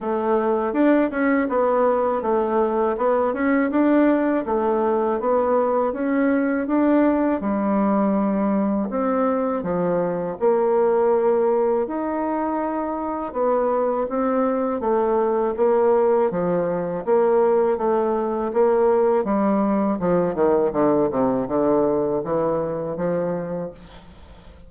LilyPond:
\new Staff \with { instrumentName = "bassoon" } { \time 4/4 \tempo 4 = 81 a4 d'8 cis'8 b4 a4 | b8 cis'8 d'4 a4 b4 | cis'4 d'4 g2 | c'4 f4 ais2 |
dis'2 b4 c'4 | a4 ais4 f4 ais4 | a4 ais4 g4 f8 dis8 | d8 c8 d4 e4 f4 | }